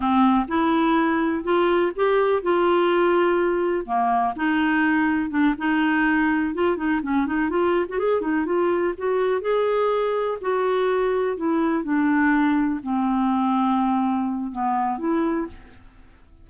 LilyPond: \new Staff \with { instrumentName = "clarinet" } { \time 4/4 \tempo 4 = 124 c'4 e'2 f'4 | g'4 f'2. | ais4 dis'2 d'8 dis'8~ | dis'4. f'8 dis'8 cis'8 dis'8 f'8~ |
f'16 fis'16 gis'8 dis'8 f'4 fis'4 gis'8~ | gis'4. fis'2 e'8~ | e'8 d'2 c'4.~ | c'2 b4 e'4 | }